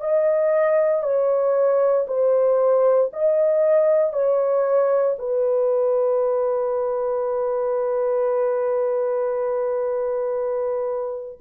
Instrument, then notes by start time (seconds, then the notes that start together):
horn
0.00 D#5
1.03 C#5
2.07 C5
3.13 D#5
4.13 C#5
5.18 B4